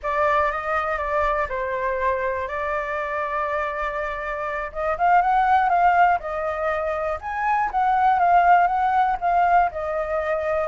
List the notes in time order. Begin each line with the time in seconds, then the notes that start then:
0.02 D5
0.51 D#5
0.98 D5
1.48 C5
2.47 D5
4.72 D#5
4.97 F5
5.21 F#5
5.69 F5
6.19 D#5
7.20 G#5
7.71 F#5
8.19 F5
8.67 F#5
9.21 F5
9.71 D#5